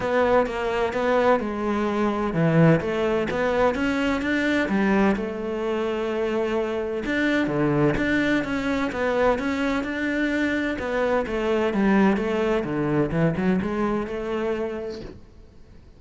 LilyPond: \new Staff \with { instrumentName = "cello" } { \time 4/4 \tempo 4 = 128 b4 ais4 b4 gis4~ | gis4 e4 a4 b4 | cis'4 d'4 g4 a4~ | a2. d'4 |
d4 d'4 cis'4 b4 | cis'4 d'2 b4 | a4 g4 a4 d4 | e8 fis8 gis4 a2 | }